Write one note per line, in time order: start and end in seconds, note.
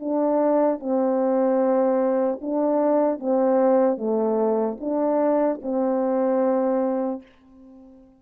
0.00 0.80 D4
0.80 2.40 C4
2.41 3.20 D4
3.20 3.98 C4
3.98 4.78 A3
4.80 5.60 D4
5.63 7.23 C4